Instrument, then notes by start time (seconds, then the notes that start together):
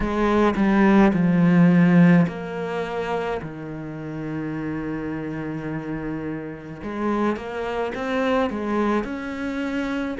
cello
0.00 G#3
0.56 G3
1.13 F3
2.27 A#3
3.42 D#3
6.83 G#3
7.36 A#3
7.95 C4
8.50 G#3
9.04 C#4